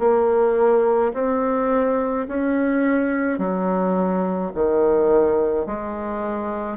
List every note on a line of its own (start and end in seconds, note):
0.00 1.13 A#3
1.14 2.27 C4
2.28 3.39 C#4
3.39 4.52 F#3
4.55 5.67 D#3
5.67 6.78 G#3